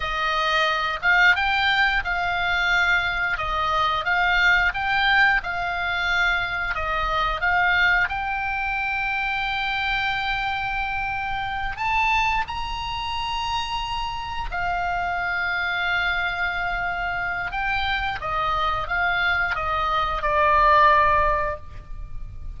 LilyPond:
\new Staff \with { instrumentName = "oboe" } { \time 4/4 \tempo 4 = 89 dis''4. f''8 g''4 f''4~ | f''4 dis''4 f''4 g''4 | f''2 dis''4 f''4 | g''1~ |
g''4. a''4 ais''4.~ | ais''4. f''2~ f''8~ | f''2 g''4 dis''4 | f''4 dis''4 d''2 | }